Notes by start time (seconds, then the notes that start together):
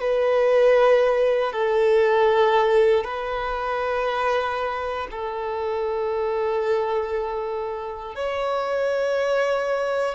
0.00 B4
1.53 A4
3.04 B4
5.11 A4
8.15 C#5